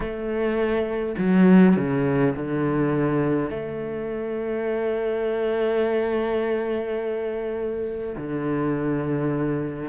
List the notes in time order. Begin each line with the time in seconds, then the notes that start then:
0.00 A3
1.18 F#3
1.76 C#3
2.36 D3
3.50 A3
8.17 D3